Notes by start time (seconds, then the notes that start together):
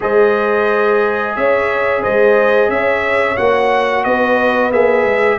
0.00 G#3 G#4 C5 D#5
1.35 C#4 C#5 E5
2.02 G#3 C5 D#5
2.68 C#4 C#5 E5
3.37 A#3 F#4 F#5
4.04 B3 B4 D#5
4.71 A#3 G#4 E5
5.04 G#3